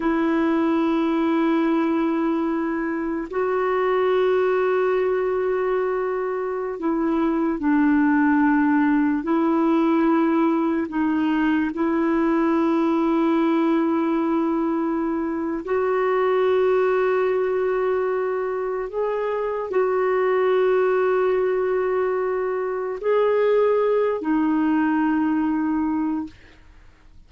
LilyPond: \new Staff \with { instrumentName = "clarinet" } { \time 4/4 \tempo 4 = 73 e'1 | fis'1~ | fis'16 e'4 d'2 e'8.~ | e'4~ e'16 dis'4 e'4.~ e'16~ |
e'2. fis'4~ | fis'2. gis'4 | fis'1 | gis'4. dis'2~ dis'8 | }